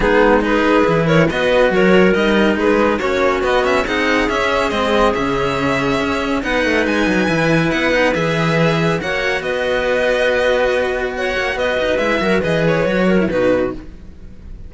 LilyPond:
<<
  \new Staff \with { instrumentName = "violin" } { \time 4/4 \tempo 4 = 140 gis'4 b'4. cis''8 dis''4 | cis''4 dis''4 b'4 cis''4 | dis''8 e''8 fis''4 e''4 dis''4 | e''2. fis''4 |
gis''2 fis''4 e''4~ | e''4 fis''4 dis''2~ | dis''2 fis''4 dis''4 | e''4 dis''8 cis''4. b'4 | }
  \new Staff \with { instrumentName = "clarinet" } { \time 4/4 dis'4 gis'4. ais'8 b'4 | ais'2 gis'4 fis'4~ | fis'4 gis'2.~ | gis'2. b'4~ |
b'1~ | b'4 cis''4 b'2~ | b'2 cis''4 b'4~ | b'8 ais'8 b'4. ais'8 fis'4 | }
  \new Staff \with { instrumentName = "cello" } { \time 4/4 b4 dis'4 e'4 fis'4~ | fis'4 dis'2 cis'4 | b8 cis'8 dis'4 cis'4 c'4 | cis'2. dis'4~ |
dis'4 e'4. dis'8 gis'4~ | gis'4 fis'2.~ | fis'1 | e'8 fis'8 gis'4 fis'8. e'16 dis'4 | }
  \new Staff \with { instrumentName = "cello" } { \time 4/4 gis2 e4 b4 | fis4 g4 gis4 ais4 | b4 c'4 cis'4 gis4 | cis2 cis'4 b8 a8 |
gis8 fis8 e4 b4 e4~ | e4 ais4 b2~ | b2~ b8 ais8 b8 dis'8 | gis8 fis8 e4 fis4 b,4 | }
>>